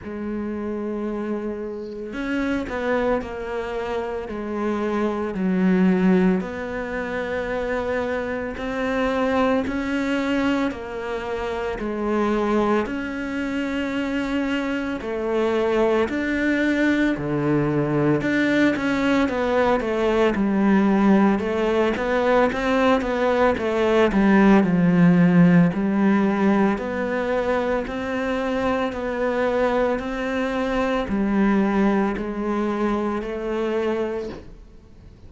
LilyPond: \new Staff \with { instrumentName = "cello" } { \time 4/4 \tempo 4 = 56 gis2 cis'8 b8 ais4 | gis4 fis4 b2 | c'4 cis'4 ais4 gis4 | cis'2 a4 d'4 |
d4 d'8 cis'8 b8 a8 g4 | a8 b8 c'8 b8 a8 g8 f4 | g4 b4 c'4 b4 | c'4 g4 gis4 a4 | }